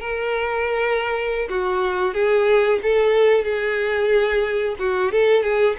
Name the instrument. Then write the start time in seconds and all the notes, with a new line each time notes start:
violin
0.00 A#4
1.49 F#4
2.13 G#4
2.82 A4
3.44 G#4
4.79 F#4
5.12 A4
5.43 G#4